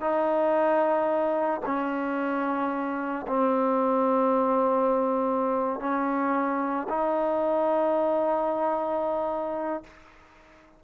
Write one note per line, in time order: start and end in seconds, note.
0.00 1.61 D#4
1.65 3.26 C#4
3.27 5.79 C4
5.79 6.86 C#4
6.88 9.83 D#4